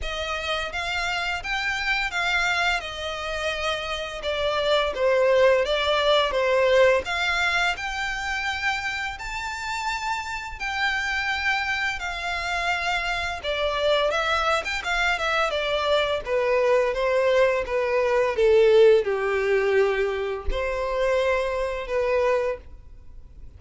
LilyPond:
\new Staff \with { instrumentName = "violin" } { \time 4/4 \tempo 4 = 85 dis''4 f''4 g''4 f''4 | dis''2 d''4 c''4 | d''4 c''4 f''4 g''4~ | g''4 a''2 g''4~ |
g''4 f''2 d''4 | e''8. g''16 f''8 e''8 d''4 b'4 | c''4 b'4 a'4 g'4~ | g'4 c''2 b'4 | }